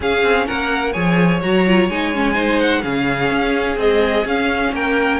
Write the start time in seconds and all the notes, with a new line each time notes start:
0.00 C#4 G#4 F5
0.22 C4
0.46 A#3 A#4 F#5
0.92 F3 G#4 C#5 G#5
1.41 F#3 F#4 A#5
1.66 F4
1.89 G#3 D#4 G#5
2.14 C#4
2.33 D#4 C5
2.59 F#5
2.82 C#3 C#4 G#4 F5
3.30 C#4
3.76 G#3 C4 D#5
4.24 C#4 F5
4.71 A#3 A#4 G5